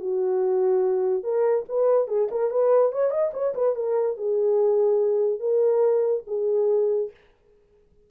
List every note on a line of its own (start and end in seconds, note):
0.00 1.24 F#4
1.24 1.66 A#4
1.69 2.08 B4
2.08 2.29 G#4
2.31 2.51 A#4
2.51 2.92 B4
2.92 3.11 C#5
3.11 3.32 D#5
3.34 3.55 C#5
3.55 3.76 B4
3.76 4.17 A#4
4.17 5.40 G#4
5.40 6.24 A#4
6.27 7.11 G#4